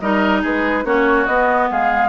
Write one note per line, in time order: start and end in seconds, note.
0.00 0.43 G3
0.00 0.85 D#4
0.00 0.42 A#4
0.00 0.42 D#5
0.42 0.85 G#3
0.42 0.84 G#4
0.42 0.86 B4
0.85 1.27 A#3
0.85 1.27 C#4
0.85 1.70 F#4
0.85 1.26 C#5
1.26 1.69 B3
1.26 2.09 B3
1.26 1.68 D#5
1.71 2.09 G#3
1.71 2.09 G#4
1.71 2.09 F5